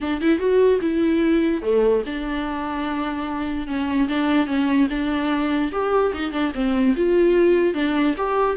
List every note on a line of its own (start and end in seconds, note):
0.01 0.21 D4
0.21 0.38 E4
0.38 0.79 F#4
0.81 1.62 E4
1.62 2.03 A3
2.06 3.67 D4
3.67 4.08 C#4
4.08 4.47 D4
4.47 4.87 C#4
4.90 5.71 D4
5.71 6.12 G4
6.13 6.32 D#4
6.32 6.52 D4
6.54 6.95 C4
6.96 7.74 F4
7.74 8.14 D4
8.17 8.56 G4